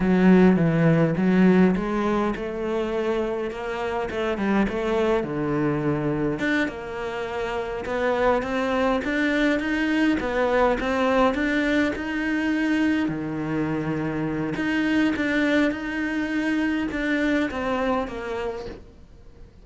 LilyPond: \new Staff \with { instrumentName = "cello" } { \time 4/4 \tempo 4 = 103 fis4 e4 fis4 gis4 | a2 ais4 a8 g8 | a4 d2 d'8 ais8~ | ais4. b4 c'4 d'8~ |
d'8 dis'4 b4 c'4 d'8~ | d'8 dis'2 dis4.~ | dis4 dis'4 d'4 dis'4~ | dis'4 d'4 c'4 ais4 | }